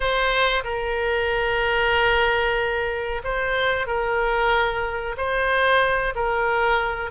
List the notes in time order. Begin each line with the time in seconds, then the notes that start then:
0.00 C5
0.64 A#4
3.24 C5
3.87 A#4
5.17 C5
6.15 A#4